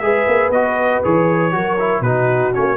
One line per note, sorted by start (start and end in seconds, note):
0.00 0.27 G#3
0.00 0.53 G#4
0.00 1.55 B4
0.00 0.50 E5
0.28 0.50 A#3
0.50 1.01 B3
0.50 1.04 F#4
0.50 1.03 D#5
1.04 1.55 E3
1.04 1.52 G#4
1.04 2.03 C#5
1.52 2.01 F#3
1.52 1.77 F#4
1.52 2.02 A#4
1.79 2.05 E4
2.01 2.51 B2
2.01 2.54 D#4
2.01 2.77 F#4
2.01 2.53 B4
2.54 2.77 A#3
2.54 2.77 C#4
2.54 2.77 C#5